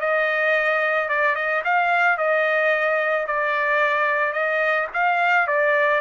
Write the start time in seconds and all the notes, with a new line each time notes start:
0.00 D#5
1.08 D5
1.35 D#5
1.64 F5
2.17 D#5
3.27 D5
4.33 D#5
4.93 F5
5.47 D5